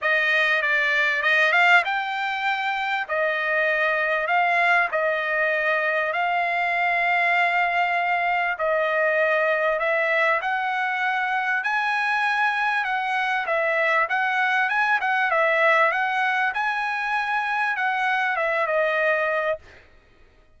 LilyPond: \new Staff \with { instrumentName = "trumpet" } { \time 4/4 \tempo 4 = 98 dis''4 d''4 dis''8 f''8 g''4~ | g''4 dis''2 f''4 | dis''2 f''2~ | f''2 dis''2 |
e''4 fis''2 gis''4~ | gis''4 fis''4 e''4 fis''4 | gis''8 fis''8 e''4 fis''4 gis''4~ | gis''4 fis''4 e''8 dis''4. | }